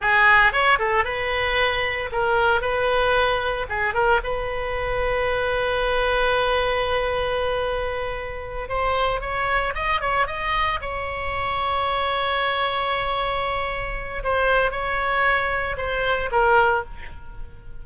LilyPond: \new Staff \with { instrumentName = "oboe" } { \time 4/4 \tempo 4 = 114 gis'4 cis''8 a'8 b'2 | ais'4 b'2 gis'8 ais'8 | b'1~ | b'1~ |
b'8 c''4 cis''4 dis''8 cis''8 dis''8~ | dis''8 cis''2.~ cis''8~ | cis''2. c''4 | cis''2 c''4 ais'4 | }